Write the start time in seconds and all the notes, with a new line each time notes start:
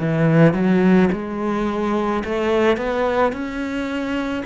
0.00 E3
0.54 F#3
1.13 G#3
2.25 A3
2.77 B3
3.33 C#4